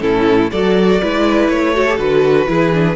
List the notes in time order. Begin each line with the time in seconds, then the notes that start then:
0.00 A2 C#4 E4 A4
0.52 F#3 F#4 A4 D5
1.01 G#3 E4 B4
1.48 A3 C#5
1.75 F#4 A4
1.89 G4
1.98 D3 F#4 B4
2.47 E3 E4 G#4
2.74 D4